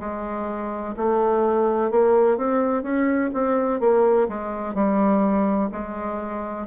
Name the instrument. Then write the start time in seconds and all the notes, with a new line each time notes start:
bassoon
0.00 G#3
0.97 A3
1.91 A#3
2.38 C4
2.83 C#4
3.34 C4
3.81 A#3
4.29 G#3
4.75 G3
5.72 G#3